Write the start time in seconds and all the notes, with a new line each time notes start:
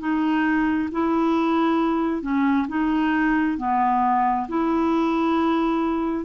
0.00 D#4
0.92 E4
2.22 C#4
2.68 D#4
3.58 B3
4.49 E4